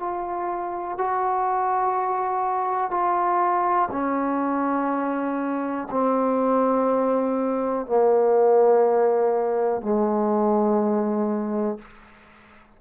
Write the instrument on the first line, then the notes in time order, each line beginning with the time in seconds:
trombone
0.00 F4
0.98 F#4
2.91 F4
3.92 C#4
5.91 C4
7.87 A#3
9.82 G#3